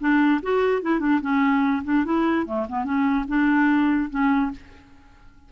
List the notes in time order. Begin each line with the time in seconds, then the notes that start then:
0.00 D4
0.43 F#4
0.82 E4
1.00 D4
1.21 C#4
1.84 D4
2.05 E4
2.46 A3
2.69 B3
2.84 C#4
3.28 D4
4.10 C#4